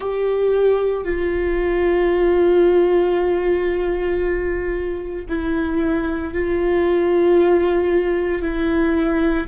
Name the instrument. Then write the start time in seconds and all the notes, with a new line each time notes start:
viola
0.00 G4
1.04 F4
5.28 E4
6.33 F4
8.42 E4